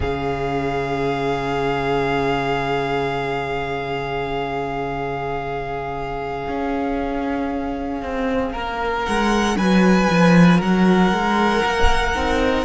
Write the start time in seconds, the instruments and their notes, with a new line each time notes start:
0.00 cello C#3, viola C#4, violin G#4 F5
6.47 cello C#4
8.02 cello C4
8.52 cello A#3, violin A#4
9.05 cello G#3, violin F#5
9.56 cello F#3, violin B4 G#5
10.10 cello F3
10.58 cello F#3, violin A#4 F#5
11.11 cello G#3
11.64 cello A#3
12.15 cello C4, viola D#4